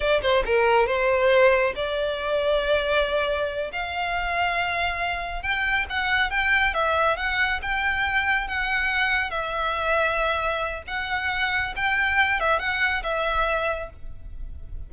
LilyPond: \new Staff \with { instrumentName = "violin" } { \time 4/4 \tempo 4 = 138 d''8 c''8 ais'4 c''2 | d''1~ | d''8 f''2.~ f''8~ | f''8 g''4 fis''4 g''4 e''8~ |
e''8 fis''4 g''2 fis''8~ | fis''4. e''2~ e''8~ | e''4 fis''2 g''4~ | g''8 e''8 fis''4 e''2 | }